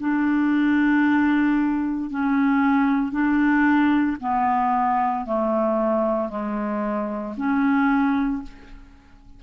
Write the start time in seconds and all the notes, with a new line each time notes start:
0.00 D4
2.11 C#4
3.12 D4
4.21 B3
5.26 A3
6.30 G#3
7.37 C#4